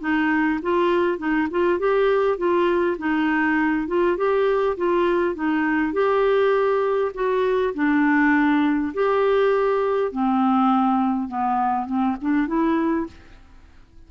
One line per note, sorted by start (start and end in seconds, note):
0.00 0.59 D#4
0.62 1.18 F4
1.18 1.48 D#4
1.50 1.79 F4
1.79 2.38 G4
2.38 2.97 F4
2.98 3.87 D#4
3.87 4.17 F4
4.17 4.77 G4
4.77 5.35 F4
5.35 5.93 D#4
5.93 7.12 G4
7.14 7.74 F#4
7.74 8.93 D4
8.94 10.12 G4
10.12 11.28 C4
11.28 11.86 B3
11.86 12.16 C4
12.21 12.47 D4
12.47 13.07 E4